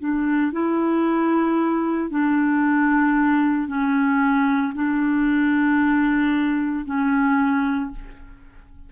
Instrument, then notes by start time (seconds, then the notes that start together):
clarinet
0.00 D4
0.53 E4
2.11 D4
3.68 C#4
4.75 D4
6.86 C#4